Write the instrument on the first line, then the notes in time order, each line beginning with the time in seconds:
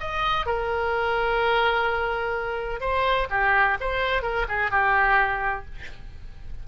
oboe
0.00 D#5
0.46 A#4
2.80 C5
3.30 G4
3.80 C5
4.22 A#4
4.48 G#4
4.71 G4